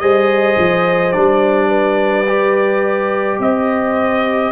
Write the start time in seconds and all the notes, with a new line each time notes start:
0.00 G3 G#4 C5 D#5
0.58 F3
1.12 G3 D4 D5
1.68 B4
2.27 G4
3.39 C4 C5 D#5